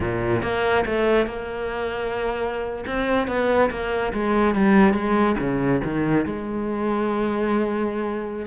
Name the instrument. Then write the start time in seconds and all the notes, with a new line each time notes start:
cello
0.00 A#2
0.42 A#3
0.85 A3
1.26 A#3
2.86 C4
3.27 B3
3.70 A#3
4.13 G#3
4.54 G3
4.93 G#3
5.39 C#3
5.84 D#3
6.25 G#3